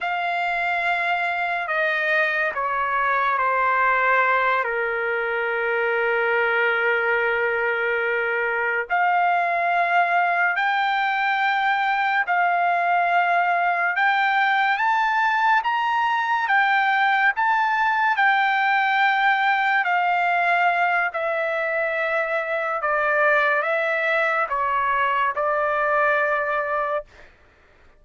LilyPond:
\new Staff \with { instrumentName = "trumpet" } { \time 4/4 \tempo 4 = 71 f''2 dis''4 cis''4 | c''4. ais'2~ ais'8~ | ais'2~ ais'8 f''4.~ | f''8 g''2 f''4.~ |
f''8 g''4 a''4 ais''4 g''8~ | g''8 a''4 g''2 f''8~ | f''4 e''2 d''4 | e''4 cis''4 d''2 | }